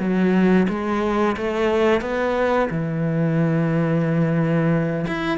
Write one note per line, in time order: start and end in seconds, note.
0.00 0.67 F#3
0.69 1.37 G#3
1.37 2.02 A3
2.02 2.69 B3
2.71 5.07 E3
5.08 5.38 E4